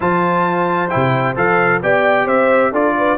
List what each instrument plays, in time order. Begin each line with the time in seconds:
0.00 tuba F3, trombone F4, horn C5, trumpet A5
0.89 tuba C3, trombone E4, trumpet G5
1.35 tuba F3, trombone A4, trumpet F5
1.82 tuba B3, trombone G4, horn D5, trumpet G5
2.25 tuba C4, horn C5, trumpet E5
2.71 tuba D4, trombone F4, horn A4, trumpet D5
2.97 horn B4